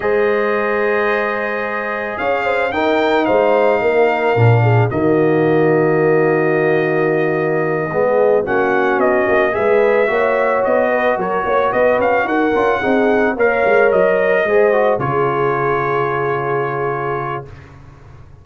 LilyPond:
<<
  \new Staff \with { instrumentName = "trumpet" } { \time 4/4 \tempo 4 = 110 dis''1 | f''4 g''4 f''2~ | f''4 dis''2.~ | dis''2.~ dis''8 fis''8~ |
fis''8 dis''4 e''2 dis''8~ | dis''8 cis''4 dis''8 f''8 fis''4.~ | fis''8 f''4 dis''2 cis''8~ | cis''1 | }
  \new Staff \with { instrumentName = "horn" } { \time 4/4 c''1 | cis''8 c''8 ais'4 c''4 ais'4~ | ais'8 gis'8 fis'2.~ | fis'2~ fis'8 gis'4 fis'8~ |
fis'4. b'4 cis''4. | b'8 ais'8 cis''8 b'4 ais'4 gis'8~ | gis'8 cis''2 c''4 gis'8~ | gis'1 | }
  \new Staff \with { instrumentName = "trombone" } { \time 4/4 gis'1~ | gis'4 dis'2. | d'4 ais2.~ | ais2~ ais8 b4 cis'8~ |
cis'4. gis'4 fis'4.~ | fis'2. f'8 dis'8~ | dis'8 ais'2 gis'8 fis'8 f'8~ | f'1 | }
  \new Staff \with { instrumentName = "tuba" } { \time 4/4 gis1 | cis'4 dis'4 gis4 ais4 | ais,4 dis2.~ | dis2~ dis8 gis4 ais8~ |
ais8 b8 ais8 gis4 ais4 b8~ | b8 fis8 ais8 b8 cis'8 dis'8 cis'8 c'8~ | c'8 ais8 gis8 fis4 gis4 cis8~ | cis1 | }
>>